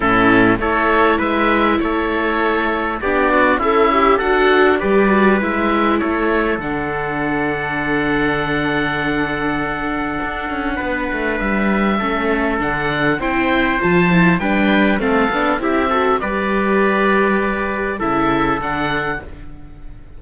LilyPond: <<
  \new Staff \with { instrumentName = "oboe" } { \time 4/4 \tempo 4 = 100 a'4 cis''4 e''4 cis''4~ | cis''4 d''4 e''4 fis''4 | d''4 e''4 cis''4 fis''4~ | fis''1~ |
fis''2. e''4~ | e''4 fis''4 g''4 a''4 | g''4 f''4 e''4 d''4~ | d''2 e''4 fis''4 | }
  \new Staff \with { instrumentName = "trumpet" } { \time 4/4 e'4 a'4 b'4 a'4~ | a'4 g'8 fis'8 e'4 a'4 | b'2 a'2~ | a'1~ |
a'2 b'2 | a'2 c''2 | b'4 a'4 g'8 a'8 b'4~ | b'2 a'2 | }
  \new Staff \with { instrumentName = "viola" } { \time 4/4 cis'4 e'2.~ | e'4 d'4 a'8 g'8 fis'4 | g'8 fis'8 e'2 d'4~ | d'1~ |
d'1 | cis'4 d'4 e'4 f'8 e'8 | d'4 c'8 d'8 e'8 fis'8 g'4~ | g'2 e'4 d'4 | }
  \new Staff \with { instrumentName = "cello" } { \time 4/4 a,4 a4 gis4 a4~ | a4 b4 cis'4 d'4 | g4 gis4 a4 d4~ | d1~ |
d4 d'8 cis'8 b8 a8 g4 | a4 d4 c'4 f4 | g4 a8 b8 c'4 g4~ | g2 cis4 d4 | }
>>